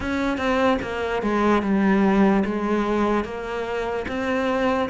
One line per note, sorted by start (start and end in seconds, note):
0.00 0.37 C#4
0.37 0.78 C4
0.81 1.22 A#3
1.22 1.62 G#3
1.62 2.43 G3
2.45 3.24 G#3
3.24 4.05 A#3
4.08 4.89 C4